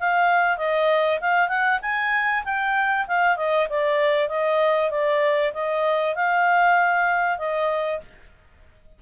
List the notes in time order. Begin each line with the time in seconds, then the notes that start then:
0.00 F5
0.58 D#5
1.21 F5
1.49 F#5
1.82 G#5
2.45 G5
3.08 F5
3.37 D#5
3.69 D5
4.29 D#5
4.91 D5
5.54 D#5
6.15 F5
7.39 D#5